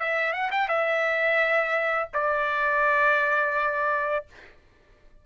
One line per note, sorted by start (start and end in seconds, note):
0.00 0.33 E5
0.33 0.51 F#5
0.51 0.69 G5
0.69 2.10 E5
2.14 4.26 D5